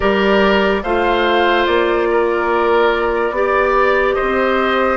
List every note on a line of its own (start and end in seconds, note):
0.00 0.83 G3
0.00 0.82 G4
0.00 0.82 A#4
0.00 0.83 D5
0.83 1.66 A3
0.83 3.34 F4
0.83 2.08 C5
0.83 1.65 F5
1.65 3.31 A#3
1.65 4.14 D5
2.11 3.36 A#4
3.31 4.14 B3
3.31 4.97 G4
3.31 4.15 D5
4.14 4.97 C5
4.14 4.97 D#5
4.21 4.97 C4